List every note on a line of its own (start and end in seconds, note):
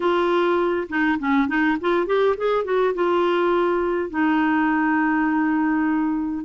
0.00 0.87 F4
0.89 1.18 D#4
1.19 1.48 C#4
1.48 1.77 D#4
1.80 2.06 F4
2.06 2.35 G4
2.37 2.64 G#4
2.64 2.94 F#4
2.94 4.09 F4
4.09 6.45 D#4